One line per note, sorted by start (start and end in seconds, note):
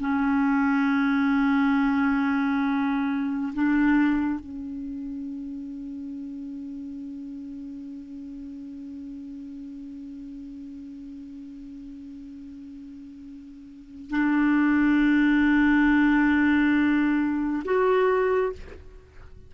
0.00 3.53 C#4
3.54 4.40 D4
4.40 14.10 C#4
14.10 17.63 D4
17.65 18.53 F#4